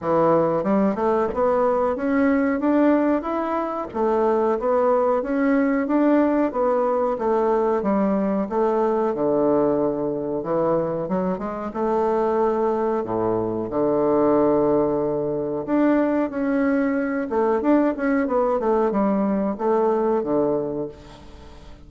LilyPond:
\new Staff \with { instrumentName = "bassoon" } { \time 4/4 \tempo 4 = 92 e4 g8 a8 b4 cis'4 | d'4 e'4 a4 b4 | cis'4 d'4 b4 a4 | g4 a4 d2 |
e4 fis8 gis8 a2 | a,4 d2. | d'4 cis'4. a8 d'8 cis'8 | b8 a8 g4 a4 d4 | }